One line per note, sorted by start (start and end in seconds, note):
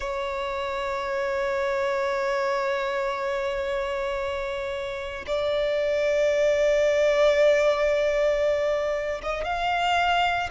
0.00 5.25 C#5
5.26 9.21 D5
9.22 9.44 D#5
9.44 10.49 F5